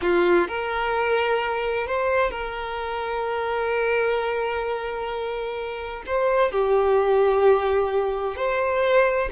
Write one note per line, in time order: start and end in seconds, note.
0.01 0.48 F4
0.48 1.86 A#4
1.86 2.30 C5
2.30 6.03 A#4
6.06 6.51 C5
6.51 8.36 G4
8.36 9.29 C5